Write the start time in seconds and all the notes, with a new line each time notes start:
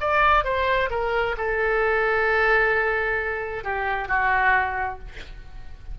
0.00 D5
0.44 C5
0.90 A#4
1.37 A4
3.64 G4
4.08 F#4